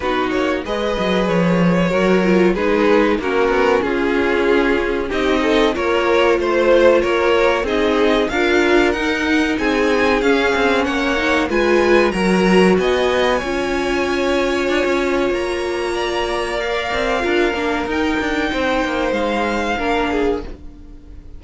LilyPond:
<<
  \new Staff \with { instrumentName = "violin" } { \time 4/4 \tempo 4 = 94 b'8 cis''8 dis''4 cis''2 | b'4 ais'4 gis'2 | dis''4 cis''4 c''4 cis''4 | dis''4 f''4 fis''4 gis''4 |
f''4 fis''4 gis''4 ais''4 | gis''1 | ais''2 f''2 | g''2 f''2 | }
  \new Staff \with { instrumentName = "violin" } { \time 4/4 fis'4 b'2 ais'4 | gis'4 fis'4 f'2 | g'8 a'8 ais'4 c''4 ais'4 | gis'4 ais'2 gis'4~ |
gis'4 cis''4 b'4 ais'4 | dis''4 cis''2.~ | cis''4 d''2 ais'4~ | ais'4 c''2 ais'8 gis'8 | }
  \new Staff \with { instrumentName = "viola" } { \time 4/4 dis'4 gis'2 fis'8 f'8 | dis'4 cis'2. | dis'4 f'2. | dis'4 f'4 dis'2 |
cis'4. dis'8 f'4 fis'4~ | fis'4 f'2.~ | f'2 ais'4 f'8 d'8 | dis'2. d'4 | }
  \new Staff \with { instrumentName = "cello" } { \time 4/4 b8 ais8 gis8 fis8 f4 fis4 | gis4 ais8 b8 cis'2 | c'4 ais4 a4 ais4 | c'4 d'4 dis'4 c'4 |
cis'8 c'8 ais4 gis4 fis4 | b4 cis'2 d'16 cis'8. | ais2~ ais8 c'8 d'8 ais8 | dis'8 d'8 c'8 ais8 gis4 ais4 | }
>>